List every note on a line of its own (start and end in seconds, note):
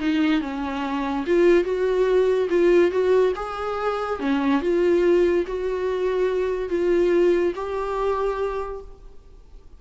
0.00 0.42 D#4
0.42 1.25 C#4
1.27 1.64 F4
1.64 2.48 F#4
2.50 2.91 F4
2.91 3.33 F#4
3.36 4.20 G#4
4.20 4.61 C#4
4.61 5.45 F4
5.47 6.69 F#4
6.69 7.53 F4
7.56 8.81 G4